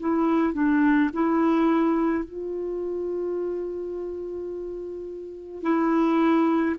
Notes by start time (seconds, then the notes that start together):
0.00 E4
0.54 D4
1.14 E4
2.25 F4
5.63 E4